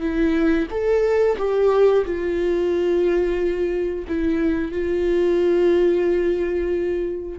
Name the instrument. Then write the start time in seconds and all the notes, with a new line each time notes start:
viola
0.00 E4
0.70 A4
1.38 G4
2.05 F4
4.08 E4
4.72 F4